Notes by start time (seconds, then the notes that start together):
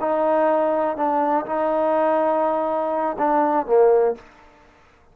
0.00 D#4
0.97 D4
1.46 D#4
3.18 D4
3.66 A#3